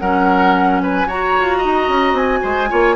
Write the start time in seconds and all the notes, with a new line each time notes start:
0.00 F#3 C#4 A#4 F#5
0.83 B4 G#5
1.06 F#4 C#5 A#5
1.40 F4
1.58 D#5
1.65 D#4
1.89 C#4
2.13 C4 G#5
2.43 G#3 C5
2.70 A#3 F4 C#5